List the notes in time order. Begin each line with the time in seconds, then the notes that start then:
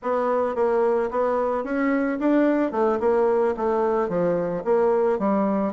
0.02 B3
0.55 A#3
1.10 B3
1.64 C#4
2.19 D4
2.71 A3
3.00 A#3
3.57 A3
4.08 F3
4.64 A#3
5.18 G3